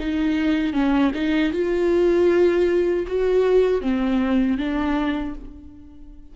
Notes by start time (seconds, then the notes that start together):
0.00 D#4
0.74 C#4
1.14 D#4
1.53 F4
3.08 F#4
3.82 C4
4.58 D4